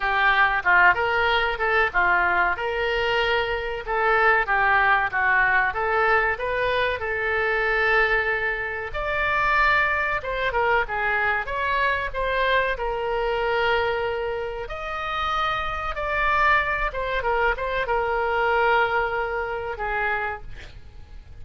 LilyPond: \new Staff \with { instrumentName = "oboe" } { \time 4/4 \tempo 4 = 94 g'4 f'8 ais'4 a'8 f'4 | ais'2 a'4 g'4 | fis'4 a'4 b'4 a'4~ | a'2 d''2 |
c''8 ais'8 gis'4 cis''4 c''4 | ais'2. dis''4~ | dis''4 d''4. c''8 ais'8 c''8 | ais'2. gis'4 | }